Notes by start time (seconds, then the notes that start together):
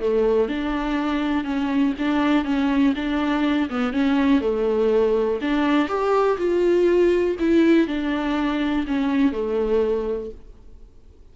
0.00 A3
0.48 D4
1.44 C#4
1.98 D4
2.44 C#4
2.95 D4
3.69 B3
3.93 C#4
4.41 A3
5.41 D4
5.88 G4
6.37 F4
7.39 E4
7.87 D4
8.87 C#4
9.32 A3